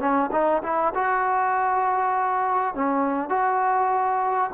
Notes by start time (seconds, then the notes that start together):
0.00 C#4
0.32 D#4
0.63 E4
0.94 F#4
2.75 C#4
3.29 F#4